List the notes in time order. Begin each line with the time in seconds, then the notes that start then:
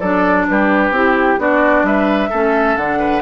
0.00 F#3 D4 A4 D5
0.48 G3 G4 B4
0.90 C4 E4 G4
1.38 B3 D4 F#4 D5
1.83 G3 B4 E5
2.30 A3 C#4 A4
2.76 D3 D4 F#5
2.99 B4